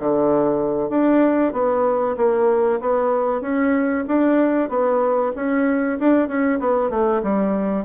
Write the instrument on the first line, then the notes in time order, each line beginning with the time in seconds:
bassoon
0.00 D3
0.90 D4
1.53 B3
2.17 A#3
2.81 B3
3.42 C#4
4.08 D4
4.69 B3
5.36 C#4
5.99 D4
6.28 C#4
6.60 B3
6.90 A3
7.23 G3